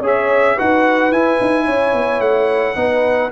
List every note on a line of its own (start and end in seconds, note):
0.00 0.56 C#4
0.00 0.57 G#4
0.00 0.55 C#5
0.07 0.59 E5
0.56 1.11 D#4
0.56 1.12 F#4
0.56 1.65 B4
0.56 1.12 F#5
1.11 1.39 E4
1.11 2.76 E4
1.11 2.21 G#5
1.41 1.69 D#4
1.65 1.93 C#4
1.65 2.76 C#5
1.93 2.20 B3
2.20 2.75 A3
2.20 3.31 F#5
2.76 3.31 B3
2.76 3.31 D#4
2.76 3.32 B4